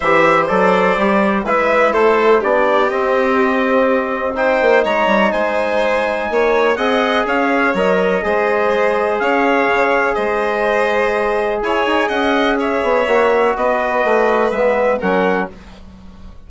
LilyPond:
<<
  \new Staff \with { instrumentName = "trumpet" } { \time 4/4 \tempo 4 = 124 e''4 d''2 e''4 | c''4 d''4 dis''2~ | dis''4 g''4 ais''4 gis''4~ | gis''2 fis''4 f''4 |
dis''2. f''4~ | f''4 dis''2. | gis''4 fis''4 e''2 | dis''2 e''4 fis''4 | }
  \new Staff \with { instrumentName = "violin" } { \time 4/4 c''2. b'4 | a'4 g'2.~ | g'4 c''4 cis''4 c''4~ | c''4 cis''4 dis''4 cis''4~ |
cis''4 c''2 cis''4~ | cis''4 c''2. | cis''4 dis''4 cis''2 | b'2. ais'4 | }
  \new Staff \with { instrumentName = "trombone" } { \time 4/4 g'4 a'4 g'4 e'4~ | e'4 d'4 c'2~ | c'4 dis'2.~ | dis'2 gis'2 |
ais'4 gis'2.~ | gis'1~ | gis'2. fis'4~ | fis'2 b4 cis'4 | }
  \new Staff \with { instrumentName = "bassoon" } { \time 4/4 e4 fis4 g4 gis4 | a4 b4 c'2~ | c'4. ais8 gis8 g8 gis4~ | gis4 ais4 c'4 cis'4 |
fis4 gis2 cis'4 | cis4 gis2. | e'8 dis'8 cis'4. b8 ais4 | b4 a4 gis4 fis4 | }
>>